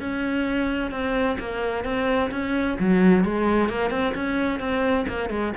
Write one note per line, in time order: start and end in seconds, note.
0.00 0.91 C#4
0.91 1.37 C4
1.39 1.84 A#3
1.84 2.30 C4
2.31 2.77 C#4
2.79 3.24 F#3
3.24 3.69 G#3
3.69 3.90 A#3
3.90 4.13 C4
4.15 4.59 C#4
4.59 5.06 C4
5.08 5.30 A#3
5.30 5.53 G#3